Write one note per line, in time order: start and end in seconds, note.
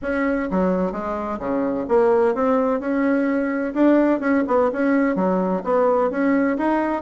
0.02 0.49 C#4
0.50 0.91 F#3
0.91 1.38 G#3
1.39 1.86 C#3
1.88 2.34 A#3
2.34 2.80 C4
2.80 3.73 C#4
3.74 4.20 D4
4.20 4.43 C#4
4.47 4.70 B3
4.72 5.15 C#4
5.15 5.62 F#3
5.64 6.10 B3
6.10 6.57 C#4
6.57 7.02 D#4